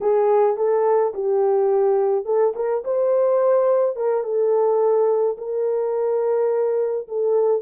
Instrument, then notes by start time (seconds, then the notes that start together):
horn
0.01 G#4
0.56 A4
1.13 G4
2.25 A4
2.55 A#4
2.84 C5
3.96 A#4
4.23 A4
5.37 A#4
7.08 A4